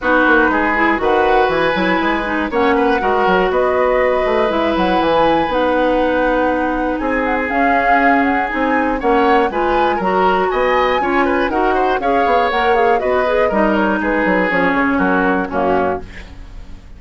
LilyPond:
<<
  \new Staff \with { instrumentName = "flute" } { \time 4/4 \tempo 4 = 120 b'2 fis''4 gis''4~ | gis''4 fis''2 dis''4~ | dis''4 e''8 fis''8 gis''4 fis''4~ | fis''2 gis''8 fis''16 gis''16 f''4~ |
f''8 fis''8 gis''4 fis''4 gis''4 | ais''4 gis''2 fis''4 | f''4 fis''8 f''8 dis''4. cis''8 | b'4 cis''4 ais'4 fis'4 | }
  \new Staff \with { instrumentName = "oboe" } { \time 4/4 fis'4 gis'4 b'2~ | b'4 cis''8 b'8 ais'4 b'4~ | b'1~ | b'2 gis'2~ |
gis'2 cis''4 b'4 | ais'4 dis''4 cis''8 b'8 ais'8 c''8 | cis''2 b'4 ais'4 | gis'2 fis'4 cis'4 | }
  \new Staff \with { instrumentName = "clarinet" } { \time 4/4 dis'4. e'8 fis'4. e'8~ | e'8 dis'8 cis'4 fis'2~ | fis'4 e'2 dis'4~ | dis'2. cis'4~ |
cis'4 dis'4 cis'4 f'4 | fis'2 f'4 fis'4 | gis'4 ais'8 gis'8 fis'8 gis'8 dis'4~ | dis'4 cis'2 ais4 | }
  \new Staff \with { instrumentName = "bassoon" } { \time 4/4 b8 ais8 gis4 dis4 e8 fis8 | gis4 ais4 gis8 fis8 b4~ | b8 a8 gis8 fis8 e4 b4~ | b2 c'4 cis'4~ |
cis'4 c'4 ais4 gis4 | fis4 b4 cis'4 dis'4 | cis'8 b8 ais4 b4 g4 | gis8 fis8 f8 cis8 fis4 fis,4 | }
>>